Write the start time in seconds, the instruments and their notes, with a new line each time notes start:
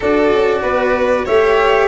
0.00 tuba D4, cello F#4, violin A4, flute D5
0.33 tuba C#4
0.62 tuba B3, violin B4
1.25 tuba A3, cello G4, violin C#5, flute E5